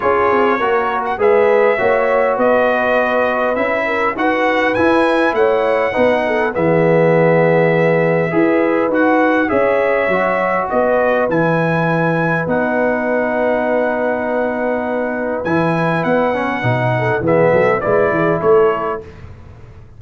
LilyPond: <<
  \new Staff \with { instrumentName = "trumpet" } { \time 4/4 \tempo 4 = 101 cis''4.~ cis''16 fis''16 e''2 | dis''2 e''4 fis''4 | gis''4 fis''2 e''4~ | e''2. fis''4 |
e''2 dis''4 gis''4~ | gis''4 fis''2.~ | fis''2 gis''4 fis''4~ | fis''4 e''4 d''4 cis''4 | }
  \new Staff \with { instrumentName = "horn" } { \time 4/4 gis'4 ais'4 b'4 cis''4 | b'2~ b'8 ais'8 b'4~ | b'4 cis''4 b'8 a'8 gis'4~ | gis'2 b'2 |
cis''2 b'2~ | b'1~ | b'1~ | b'8 a'8 gis'8 a'8 b'8 gis'8 a'4 | }
  \new Staff \with { instrumentName = "trombone" } { \time 4/4 f'4 fis'4 gis'4 fis'4~ | fis'2 e'4 fis'4 | e'2 dis'4 b4~ | b2 gis'4 fis'4 |
gis'4 fis'2 e'4~ | e'4 dis'2.~ | dis'2 e'4. cis'8 | dis'4 b4 e'2 | }
  \new Staff \with { instrumentName = "tuba" } { \time 4/4 cis'8 c'8 ais4 gis4 ais4 | b2 cis'4 dis'4 | e'4 a4 b4 e4~ | e2 e'4 dis'4 |
cis'4 fis4 b4 e4~ | e4 b2.~ | b2 e4 b4 | b,4 e8 fis8 gis8 e8 a4 | }
>>